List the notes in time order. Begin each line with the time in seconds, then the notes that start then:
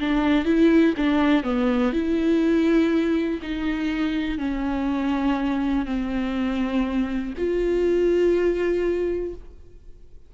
0.00 D4
0.45 E4
0.97 D4
1.44 B3
1.93 E4
3.43 D#4
4.39 C#4
5.86 C4
7.38 F4